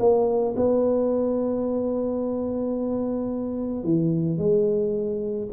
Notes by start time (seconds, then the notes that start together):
0.00 A#3
0.57 B3
3.84 E3
4.38 G#3